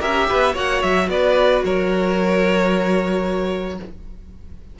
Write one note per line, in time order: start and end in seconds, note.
0.00 0.29 C#4
0.00 0.54 G4
0.00 0.27 A#4
0.00 0.55 E5
0.29 0.56 B3
0.29 0.54 B4
0.54 0.83 A#3
0.54 3.76 F#4
0.54 1.07 C#5
0.54 0.82 F#5
0.82 1.08 F#3
0.82 1.09 E5
1.08 1.62 B3
1.08 1.65 B4
1.08 1.63 D5
1.65 3.79 F#3
1.65 3.79 A#4
1.65 3.79 C#5